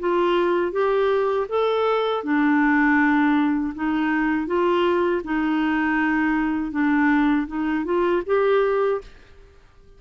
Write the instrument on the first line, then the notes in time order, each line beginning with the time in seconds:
clarinet
0.00 F4
0.72 G4
1.49 A4
2.24 D4
3.75 D#4
4.47 F4
5.24 D#4
6.72 D4
7.48 D#4
7.85 F4
8.26 G4